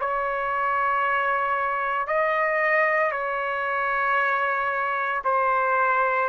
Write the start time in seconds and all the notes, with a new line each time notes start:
0.00 C#5
2.07 D#5
3.11 C#5
5.24 C5